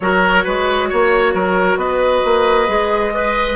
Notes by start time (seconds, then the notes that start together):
0.00 F#3 F#4 A#4 C#5
0.44 G#3 B4
0.89 A#3 C#5
1.34 F#3 A#4
1.76 B3 B4 D#5
2.24 A#3
2.67 G#3 G#4
3.13 B4 D#5